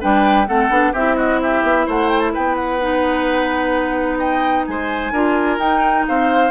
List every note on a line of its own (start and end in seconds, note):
0.00 0.48 G3
0.00 0.47 D4
0.00 0.47 B4
0.00 0.47 G5
0.47 0.69 A3
0.47 0.70 C4
0.47 0.92 A4
0.47 0.93 F#5
0.69 0.92 B3
0.69 0.93 D4
0.92 1.62 C4
0.92 2.80 E4
0.92 1.16 G4
0.92 1.17 E5
1.16 1.39 F#4
1.16 1.40 D#5
1.41 1.86 G4
1.41 1.88 E5
1.63 1.86 B3
1.86 2.34 A3
1.86 2.32 C5
1.86 2.09 F#5
2.09 2.19 G5
2.19 2.31 A5
2.33 4.67 B3
2.33 4.18 B4
2.33 2.54 G5
2.54 4.17 F#5
2.80 5.13 D#4
4.18 4.65 D#5
4.18 4.65 G5
4.66 5.11 G#3
4.66 5.12 C5
4.66 5.58 G#5
5.11 5.58 D4
5.11 5.60 F4
5.11 6.05 A#4
5.58 6.04 D#4
5.58 6.51 D#4
5.58 6.05 G5
6.07 6.51 C4
6.07 6.51 C5
6.07 6.51 F5